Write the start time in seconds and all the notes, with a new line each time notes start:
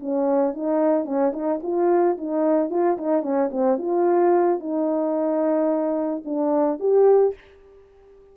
0.00 C#4
0.54 D#4
1.05 C#4
1.32 D#4
1.62 F4
2.17 D#4
2.70 F4
2.97 D#4
3.22 C#4
3.51 C4
3.78 F4
4.59 D#4
6.25 D4
6.80 G4